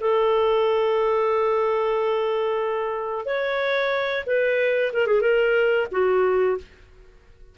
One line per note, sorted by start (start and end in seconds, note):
0.00 3.25 A4
3.25 4.24 C#5
4.26 4.92 B4
4.93 5.07 A#4
5.07 5.21 G#4
5.21 5.87 A#4
5.91 6.57 F#4